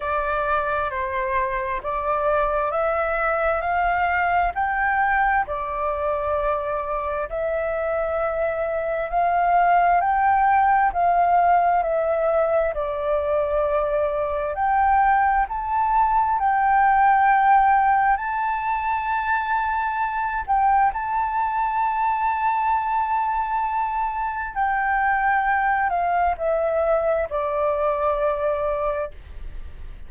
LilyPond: \new Staff \with { instrumentName = "flute" } { \time 4/4 \tempo 4 = 66 d''4 c''4 d''4 e''4 | f''4 g''4 d''2 | e''2 f''4 g''4 | f''4 e''4 d''2 |
g''4 a''4 g''2 | a''2~ a''8 g''8 a''4~ | a''2. g''4~ | g''8 f''8 e''4 d''2 | }